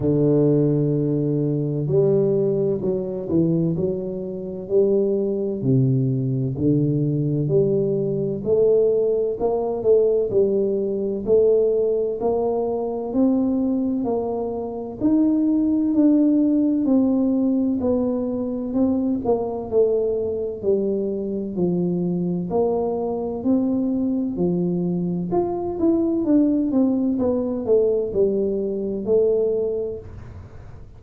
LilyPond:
\new Staff \with { instrumentName = "tuba" } { \time 4/4 \tempo 4 = 64 d2 g4 fis8 e8 | fis4 g4 c4 d4 | g4 a4 ais8 a8 g4 | a4 ais4 c'4 ais4 |
dis'4 d'4 c'4 b4 | c'8 ais8 a4 g4 f4 | ais4 c'4 f4 f'8 e'8 | d'8 c'8 b8 a8 g4 a4 | }